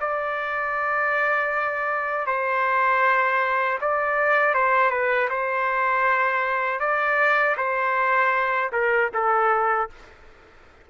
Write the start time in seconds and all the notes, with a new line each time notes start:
0.00 D5
2.26 C5
3.81 D5
4.54 C5
4.90 B4
5.30 C5
6.80 D5
7.57 C5
8.72 A#4
9.14 A4